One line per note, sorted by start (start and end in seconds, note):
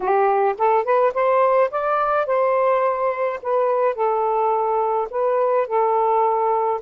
0.00 0.55 G4
0.57 0.84 A4
0.84 1.12 B4
1.13 1.70 C5
1.70 2.26 D5
2.26 3.39 C5
3.42 3.94 B4
3.94 5.07 A4
5.10 5.67 B4
5.67 6.80 A4